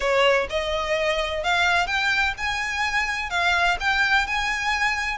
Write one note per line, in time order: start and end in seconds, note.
0.00 0.47 C#5
0.49 1.43 D#5
1.43 1.86 F5
1.86 2.34 G5
2.37 3.29 G#5
3.29 3.77 F5
3.79 4.26 G5
4.26 5.17 G#5